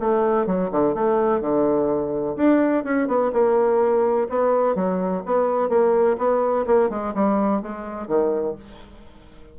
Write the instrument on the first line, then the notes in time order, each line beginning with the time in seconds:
bassoon
0.00 A3
0.46 F#3
0.71 D3
0.94 A3
1.41 D3
2.36 D4
2.84 C#4
3.08 B3
3.32 A#3
4.29 B3
4.75 F#3
5.26 B3
5.69 A#3
6.18 B3
6.66 A#3
6.90 G#3
7.14 G3
7.62 G#3
8.07 D#3